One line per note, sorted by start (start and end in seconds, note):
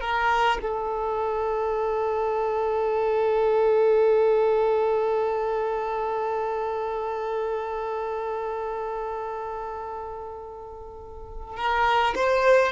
0.00 0.58 A#4
0.61 11.56 A4
11.56 12.14 A#4
12.15 12.72 C5